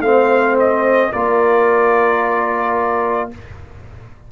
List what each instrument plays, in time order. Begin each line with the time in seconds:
0.00 tuba A3, trombone C4, horn C5, trumpet F5
0.59 trumpet D#5
1.12 tuba A#3, trombone F4, horn A#4, trumpet D5